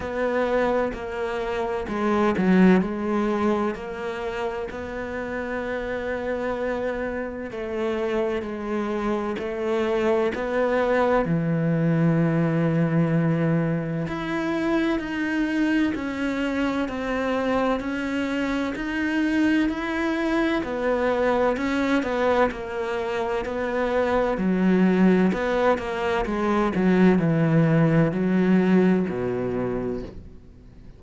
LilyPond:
\new Staff \with { instrumentName = "cello" } { \time 4/4 \tempo 4 = 64 b4 ais4 gis8 fis8 gis4 | ais4 b2. | a4 gis4 a4 b4 | e2. e'4 |
dis'4 cis'4 c'4 cis'4 | dis'4 e'4 b4 cis'8 b8 | ais4 b4 fis4 b8 ais8 | gis8 fis8 e4 fis4 b,4 | }